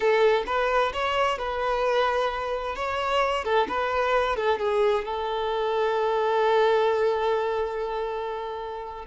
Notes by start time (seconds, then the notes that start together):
0.00 A4
0.46 B4
0.93 C#5
1.38 B4
2.75 C#5
3.44 A4
3.68 B4
4.36 A4
4.58 G#4
5.04 A4